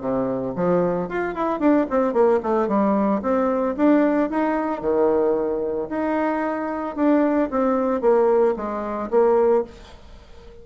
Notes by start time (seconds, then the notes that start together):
0.00 C3
0.55 F3
1.08 F4
1.34 E4
1.59 D4
1.90 C4
2.13 A#3
2.43 A3
2.67 G3
3.21 C4
3.76 D4
4.30 D#4
4.81 D#3
5.89 D#4
6.96 D4
7.50 C4
8.01 A#3
8.56 G#3
9.10 A#3